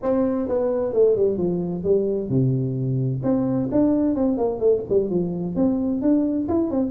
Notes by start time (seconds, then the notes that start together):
0.02 C4
0.48 B3
0.93 A3
1.16 G3
1.37 F3
1.83 G3
2.29 C3
3.23 C4
3.71 D4
4.15 C4
4.37 A#3
4.59 A3
4.89 G3
5.10 F3
5.55 C4
6.01 D4
6.48 E4
6.70 C4